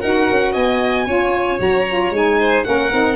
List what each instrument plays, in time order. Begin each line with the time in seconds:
0.00 tuba D#4, saxophone F#4, violin A#4 F#5
0.30 tuba C#4
0.52 tuba B3, violin D#5 G#5
1.06 tuba C#4, saxophone F4, violin C#5
1.58 tuba F#3, saxophone F#4, violin A#5
1.88 saxophone F4
2.10 tuba G#3, saxophone D#4, violin G#5
2.39 violin C5
2.63 tuba A#3, saxophone C#4, violin A#4 F#5
2.91 tuba C4, saxophone D#4